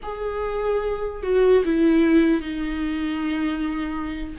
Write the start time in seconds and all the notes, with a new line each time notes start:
0.02 G#4
1.22 F#4
1.64 E4
2.41 D#4